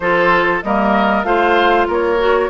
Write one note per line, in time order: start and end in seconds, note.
0.00 0.61 F3
0.00 0.64 F4
0.00 0.64 A4
0.00 0.62 C5
0.62 1.23 G3
0.62 1.24 A#3
0.62 1.26 A#4
0.62 1.23 D#5
1.23 1.86 A3
1.23 2.18 F4
1.23 1.87 C5
1.23 1.86 F5
1.87 2.49 A#3
1.87 2.49 A#4
1.87 2.49 C#5
2.18 2.49 F#4